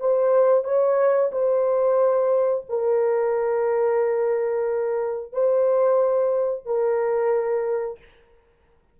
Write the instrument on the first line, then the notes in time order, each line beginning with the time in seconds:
horn
0.00 C5
0.64 C#5
1.32 C5
2.69 A#4
5.33 C5
6.65 A#4